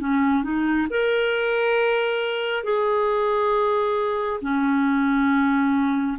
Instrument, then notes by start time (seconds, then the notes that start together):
clarinet
0.00 C#4
0.44 D#4
0.91 A#4
2.64 G#4
4.42 C#4